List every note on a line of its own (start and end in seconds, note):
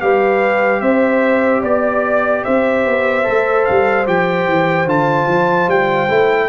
0.00 0.81 G3
0.00 3.23 G4
0.00 0.81 B4
0.00 0.80 F5
0.80 1.62 C4
0.80 1.61 C5
0.80 1.61 E5
1.61 2.44 B3
1.61 2.42 D5
1.61 2.44 D5
2.44 2.85 C4
2.44 6.49 C5
2.44 3.65 E5
2.85 3.26 B3
3.23 3.68 A3
3.23 4.04 A4
3.65 4.06 G3
3.65 4.05 F5
4.06 4.46 F3
4.06 4.87 G4
4.06 4.88 G5
4.46 4.85 E3
4.85 5.26 D3
4.85 6.08 F4
4.85 5.69 A5
5.27 5.67 F3
5.67 6.08 G3
5.67 6.49 G5
6.08 6.49 A3
6.08 6.49 E4